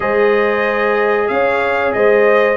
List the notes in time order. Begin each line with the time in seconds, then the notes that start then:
0.00 G#3 G#4 C5 D#5
1.27 C#4 C#5 F5
1.92 G#3 C5 D#5